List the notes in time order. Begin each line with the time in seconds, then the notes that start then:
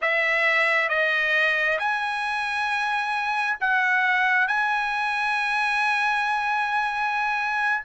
0.01 E5
0.88 D#5
1.78 G#5
3.60 F#5
4.47 G#5